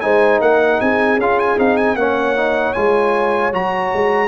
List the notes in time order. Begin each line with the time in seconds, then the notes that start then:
0.00 G#3 D#4 C5 G#5
0.40 A#3 A#4 F#5
0.80 C4 G#4 G#5
1.17 C#4 F4 F5
1.39 G#5
1.57 C4 D#4 F5
1.77 G#5
1.95 A#3 C#4 C#5 F#5
2.36 D#4
2.73 G#3 F4 G#5
3.52 F#3 F#4 A#5
3.93 G#3